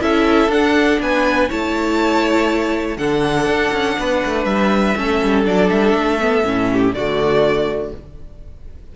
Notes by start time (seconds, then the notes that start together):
0.00 C#4 E4 A4 E5
0.48 D4 F#5
1.00 B3 B4 G#5
1.49 A3 E4 C#5 A5
2.97 D3 D4 A4 F#5
3.46 D4
3.72 C#4
3.99 B3 B4
4.26 A3
4.45 G3 E5
4.96 A3 C#4 A4
5.23 G3
5.44 F#3 D4 D5
5.70 G3 E5
5.94 A3
6.21 B3
6.45 A2 C#4
6.73 G4
6.93 D3 A3 F#4 D5